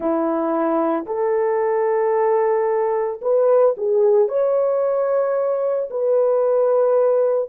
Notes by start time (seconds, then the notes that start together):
0.00 E4
1.06 A4
3.21 B4
3.77 G#4
4.28 C#5
5.90 B4